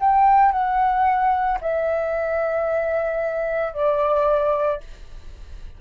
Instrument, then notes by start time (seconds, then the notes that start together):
flute
0.00 G5
0.52 F#5
1.61 E5
3.74 D5